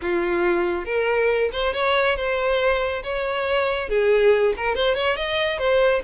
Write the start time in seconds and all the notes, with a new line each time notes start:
0.01 F4
0.85 A#4
1.52 C5
1.73 C#5
2.16 C5
3.03 C#5
3.89 G#4
4.56 A#4
4.75 C5
4.95 C#5
5.16 D#5
5.58 C5